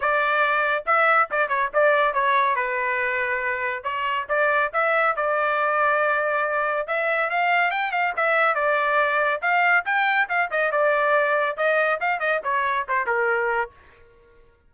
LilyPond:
\new Staff \with { instrumentName = "trumpet" } { \time 4/4 \tempo 4 = 140 d''2 e''4 d''8 cis''8 | d''4 cis''4 b'2~ | b'4 cis''4 d''4 e''4 | d''1 |
e''4 f''4 g''8 f''8 e''4 | d''2 f''4 g''4 | f''8 dis''8 d''2 dis''4 | f''8 dis''8 cis''4 c''8 ais'4. | }